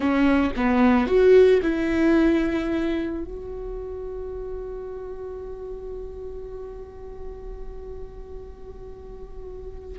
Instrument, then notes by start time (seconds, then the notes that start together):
viola
0.00 C#4
0.56 B3
1.06 F#4
1.62 E4
3.24 F#4